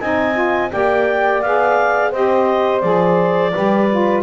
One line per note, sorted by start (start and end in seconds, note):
0.00 0.72 C4
0.00 0.34 D#4
0.00 0.72 D#5
0.00 0.71 G#5
0.34 0.70 F4
0.72 1.43 A#3
0.72 1.42 G4
0.72 2.11 D5
0.72 1.42 G5
1.42 2.13 B3
1.42 2.14 G#4
1.42 2.12 F5
2.11 2.83 C4
2.11 2.82 G4
2.11 3.52 C5
2.11 2.81 D#5
2.81 3.54 F3
2.81 3.52 G#4
2.81 4.22 D5
3.53 4.23 G3
3.53 3.89 G4
3.53 4.23 B4
3.90 4.23 F4